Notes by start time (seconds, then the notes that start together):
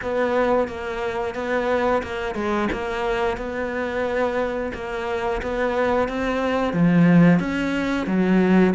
0.02 B3
0.68 A#3
1.35 B3
2.02 A#3
2.34 G#3
2.72 A#3
3.37 B3
4.74 A#3
5.41 B3
6.08 C4
6.73 F3
7.39 C#4
8.06 F#3